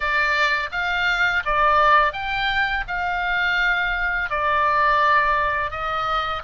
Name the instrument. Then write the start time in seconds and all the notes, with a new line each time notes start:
oboe
0.00 D5
0.71 F5
1.45 D5
2.12 G5
2.87 F5
4.30 D5
5.70 D#5